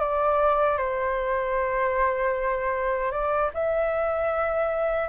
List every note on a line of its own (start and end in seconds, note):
0.00 0.78 D5
0.78 3.12 C5
3.12 3.51 D5
3.54 5.09 E5